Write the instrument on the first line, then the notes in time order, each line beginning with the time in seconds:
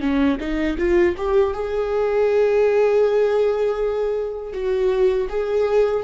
viola
0.00 C#4
0.40 D#4
0.77 F4
1.17 G4
1.53 G#4
4.53 F#4
5.29 G#4